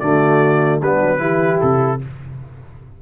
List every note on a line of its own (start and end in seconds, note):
0.00 0.81 D3
0.00 0.82 A3
0.00 0.81 F#4
0.00 0.80 D5
0.81 1.01 G3
0.81 1.19 B3
0.81 1.20 D4
0.81 1.61 B4
1.01 1.20 F#3
1.19 1.60 E3
1.19 1.99 E4
1.19 2.00 G4
1.61 2.02 C3
1.61 2.01 A4